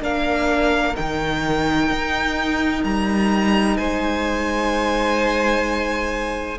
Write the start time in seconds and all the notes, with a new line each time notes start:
0.00 A#3 D4 A#4 F5
0.95 D#3 D#4 G5
1.90 D#4
2.84 G3 A#5
3.77 G#3 C5 G#5